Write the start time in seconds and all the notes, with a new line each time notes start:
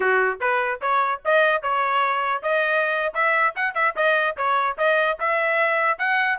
0.00 F#4
0.40 B4
0.81 C#5
1.25 D#5
1.62 C#5
2.42 D#5
3.14 E5
3.55 F#5
3.74 E5
3.95 D#5
4.36 C#5
4.77 D#5
5.19 E5
5.98 F#5